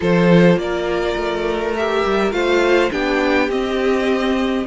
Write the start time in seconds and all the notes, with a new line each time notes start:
0.00 F3 F4 A4 C5
0.56 A#3 A#4 D5
1.16 A3
1.76 G4 E5
2.05 G3
2.31 A3 F4 C5 F5
2.90 B3 D4 G4 G5
3.49 C4 D#5